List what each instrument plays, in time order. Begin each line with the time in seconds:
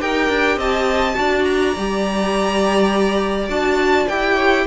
0.00 cello D#4, viola G4, violin A#4 G5
0.29 cello D4
0.56 cello C4, violin D#5 A5
1.15 cello D4, viola F#4, violin D5
1.44 violin A#5
1.77 cello G3, viola G4
3.49 cello D4, viola F#4, violin A5
4.08 cello E4, viola G4, violin G5
4.34 violin C#5